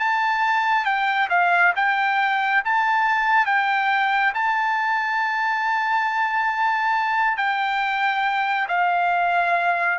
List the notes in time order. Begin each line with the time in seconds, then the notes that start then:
0.00 A5
0.85 G5
1.30 F5
1.76 G5
2.65 A5
3.46 G5
4.35 A5
7.37 G5
8.69 F5